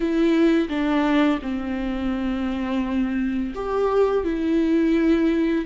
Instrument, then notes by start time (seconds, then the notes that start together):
viola
0.00 E4
0.68 D4
1.42 C4
3.54 G4
4.24 E4